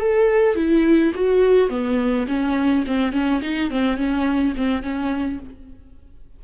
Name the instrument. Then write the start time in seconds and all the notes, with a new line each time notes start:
viola
0.00 A4
0.55 E4
1.15 F#4
1.70 B3
2.28 C#4
2.87 C4
3.12 C#4
3.42 D#4
3.71 C4
3.97 C#4
4.57 C4
4.83 C#4